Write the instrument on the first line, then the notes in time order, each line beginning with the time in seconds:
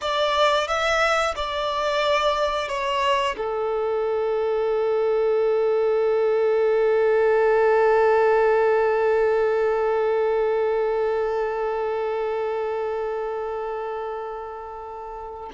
violin
0.01 D5
0.67 E5
1.35 D5
2.68 C#5
3.37 A4